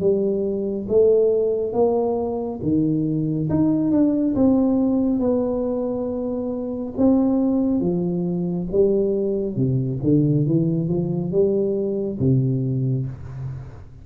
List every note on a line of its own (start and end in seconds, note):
0.00 0.87 G3
0.89 1.73 A3
1.73 2.60 A#3
2.62 3.49 D#3
3.50 3.91 D#4
3.91 4.35 D4
4.35 5.20 C4
5.20 6.94 B3
6.97 7.81 C4
7.81 8.68 F3
8.72 9.56 G3
9.56 10.00 C3
10.03 10.47 D3
10.47 10.89 E3
10.89 11.32 F3
11.32 12.19 G3
12.19 13.06 C3